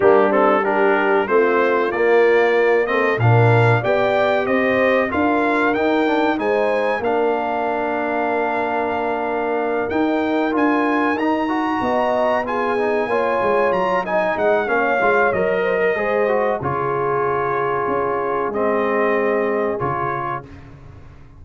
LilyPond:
<<
  \new Staff \with { instrumentName = "trumpet" } { \time 4/4 \tempo 4 = 94 g'8 a'8 ais'4 c''4 d''4~ | d''8 dis''8 f''4 g''4 dis''4 | f''4 g''4 gis''4 f''4~ | f''2.~ f''8 g''8~ |
g''8 gis''4 ais''2 gis''8~ | gis''4. ais''8 gis''8 fis''8 f''4 | dis''2 cis''2~ | cis''4 dis''2 cis''4 | }
  \new Staff \with { instrumentName = "horn" } { \time 4/4 d'4 g'4 f'2~ | f'8 a'8 ais'4 d''4 c''4 | ais'2 c''4 ais'4~ | ais'1~ |
ais'2~ ais'8 dis''4 gis'8~ | gis'8 cis''4. dis''4 cis''4~ | cis''8 c''16 ais'16 c''4 gis'2~ | gis'1 | }
  \new Staff \with { instrumentName = "trombone" } { \time 4/4 ais8 c'8 d'4 c'4 ais4~ | ais8 c'8 d'4 g'2 | f'4 dis'8 d'8 dis'4 d'4~ | d'2.~ d'8 dis'8~ |
dis'8 f'4 dis'8 fis'4. f'8 | dis'8 f'4. dis'4 cis'8 f'8 | ais'4 gis'8 fis'8 f'2~ | f'4 c'2 f'4 | }
  \new Staff \with { instrumentName = "tuba" } { \time 4/4 g2 a4 ais4~ | ais4 ais,4 b4 c'4 | d'4 dis'4 gis4 ais4~ | ais2.~ ais8 dis'8~ |
dis'8 d'4 dis'4 b4.~ | b8 ais8 gis8 fis4 gis8 ais8 gis8 | fis4 gis4 cis2 | cis'4 gis2 cis4 | }
>>